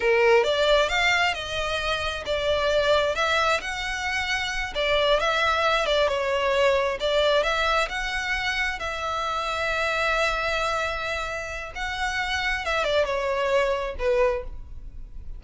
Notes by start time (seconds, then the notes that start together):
0.00 A#4
0.43 D5
0.88 F5
1.33 D#5
2.25 D5
3.15 E5
3.60 F#5
4.74 D5
5.19 E5
5.86 D5
6.07 C#5
6.99 D5
7.43 E5
7.88 F#5
8.79 E5
11.75 F#5
12.65 E5
12.84 D5
13.05 C#5
13.98 B4